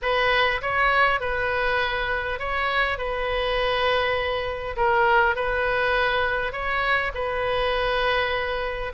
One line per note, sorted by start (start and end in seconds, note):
0.01 0.61 B4
0.61 1.20 C#5
1.20 2.39 B4
2.39 2.97 C#5
2.97 4.76 B4
4.76 5.35 A#4
5.35 6.52 B4
6.52 7.11 C#5
7.14 8.92 B4